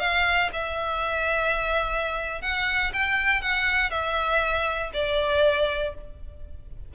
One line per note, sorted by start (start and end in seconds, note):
0.00 0.50 F5
0.53 2.42 E5
2.42 2.93 F#5
2.93 3.42 G5
3.42 3.91 F#5
3.91 4.92 E5
4.94 5.95 D5